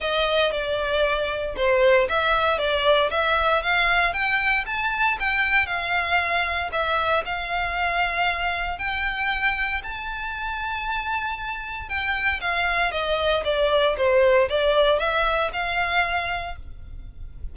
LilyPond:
\new Staff \with { instrumentName = "violin" } { \time 4/4 \tempo 4 = 116 dis''4 d''2 c''4 | e''4 d''4 e''4 f''4 | g''4 a''4 g''4 f''4~ | f''4 e''4 f''2~ |
f''4 g''2 a''4~ | a''2. g''4 | f''4 dis''4 d''4 c''4 | d''4 e''4 f''2 | }